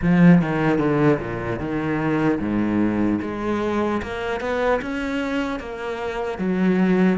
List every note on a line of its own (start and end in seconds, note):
0.02 0.41 F3
0.41 0.78 D#3
0.78 1.18 D3
1.19 1.59 A#2
1.59 2.39 D#3
2.39 3.19 G#2
3.21 4.01 G#3
4.02 4.40 A#3
4.40 4.80 B3
4.81 5.59 C#4
5.59 6.38 A#3
6.38 7.18 F#3